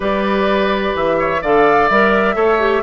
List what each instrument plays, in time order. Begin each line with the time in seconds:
0.00 bassoon G3, clarinet G4, oboe B4, flute D5
0.94 bassoon E3, flute E5
1.19 oboe C#5
1.41 bassoon D3, clarinet A4, oboe D5, flute F5
1.89 bassoon G3, clarinet A#4, flute E5
2.34 bassoon A3, clarinet A4, oboe C#5
2.59 clarinet G4